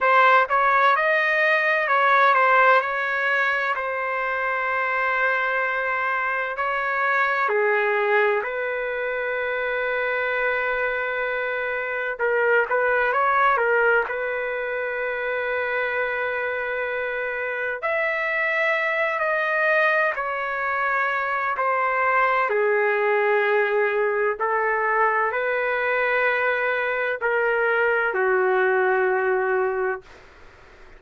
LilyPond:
\new Staff \with { instrumentName = "trumpet" } { \time 4/4 \tempo 4 = 64 c''8 cis''8 dis''4 cis''8 c''8 cis''4 | c''2. cis''4 | gis'4 b'2.~ | b'4 ais'8 b'8 cis''8 ais'8 b'4~ |
b'2. e''4~ | e''8 dis''4 cis''4. c''4 | gis'2 a'4 b'4~ | b'4 ais'4 fis'2 | }